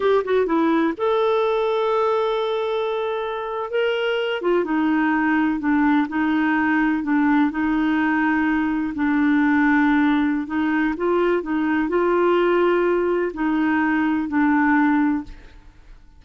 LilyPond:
\new Staff \with { instrumentName = "clarinet" } { \time 4/4 \tempo 4 = 126 g'8 fis'8 e'4 a'2~ | a'2.~ a'8. ais'16~ | ais'4~ ais'16 f'8 dis'2 d'16~ | d'8. dis'2 d'4 dis'16~ |
dis'2~ dis'8. d'4~ d'16~ | d'2 dis'4 f'4 | dis'4 f'2. | dis'2 d'2 | }